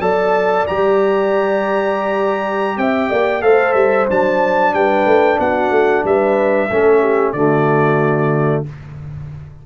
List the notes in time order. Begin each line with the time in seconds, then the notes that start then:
0.00 F#3 A4 D5 A5
0.67 G3 G4 A#5
2.77 C4 E5 G5
3.10 A#3 D5
3.41 A3 A4 C5 F5
3.73 G3 E5
4.09 F#3 D4 A5
4.74 G3 B4 G5
5.06 A3
5.39 B3 F#4 F#5
5.71 A3
6.04 G3 B4 E5
6.69 A3 C#4 A4
7.01 G4
7.32 D3 A3 F#4 D5